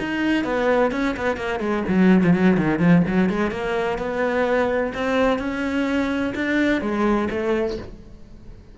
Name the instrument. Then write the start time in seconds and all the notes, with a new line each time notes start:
cello
0.00 D#4
0.45 B3
0.92 C#4
1.17 B3
1.37 A#3
1.60 G#3
1.89 F#3
2.24 F3
2.34 F#3
2.57 D#3
2.80 F3
3.08 F#3
3.30 G#3
3.51 A#3
3.99 B3
4.95 C4
5.39 C#4
6.35 D4
6.82 G#3
7.31 A3